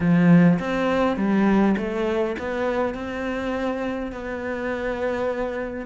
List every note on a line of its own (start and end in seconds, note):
0.00 0.58 F3
0.59 1.16 C4
1.16 1.75 G3
1.77 2.36 A3
2.39 2.94 B3
2.94 4.11 C4
4.11 5.86 B3